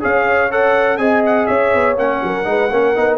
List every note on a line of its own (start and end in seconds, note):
0.00 0.98 C#4
0.00 0.49 G#4
0.00 0.98 C#5
0.00 0.51 F5
0.50 0.97 A4
0.50 0.97 F#5
0.97 1.47 C4
0.97 1.96 G#4
0.97 1.47 D#5
0.97 1.21 G#5
1.25 1.46 F#5
1.46 1.73 C#4
1.46 2.21 C#5
1.46 1.95 E5
1.73 1.97 B3
1.96 2.21 A#3
1.96 2.44 C#4
1.96 3.17 F#5
2.23 2.45 F#3
2.23 2.47 A#4
2.44 2.70 G#3
2.44 2.68 D#4
2.44 2.72 B4
2.70 2.95 A#3
2.70 2.95 C#4
2.70 3.17 A#4
2.95 3.17 B3
2.95 3.17 D#4